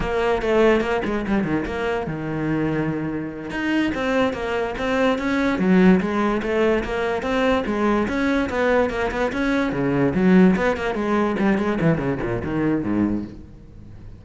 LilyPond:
\new Staff \with { instrumentName = "cello" } { \time 4/4 \tempo 4 = 145 ais4 a4 ais8 gis8 g8 dis8 | ais4 dis2.~ | dis8 dis'4 c'4 ais4 c'8~ | c'8 cis'4 fis4 gis4 a8~ |
a8 ais4 c'4 gis4 cis'8~ | cis'8 b4 ais8 b8 cis'4 cis8~ | cis8 fis4 b8 ais8 gis4 g8 | gis8 e8 cis8 ais,8 dis4 gis,4 | }